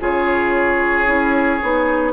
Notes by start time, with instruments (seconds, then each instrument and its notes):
0.00 bassoon C#3, clarinet F4, oboe G#4, flute C#5
1.06 bassoon C#4, clarinet E4
1.62 bassoon B3, clarinet D#4